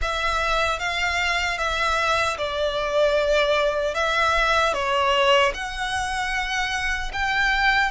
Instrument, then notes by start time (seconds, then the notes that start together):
violin
0.01 E5
0.79 F5
1.58 E5
2.37 D5
3.94 E5
4.73 C#5
5.53 F#5
7.12 G5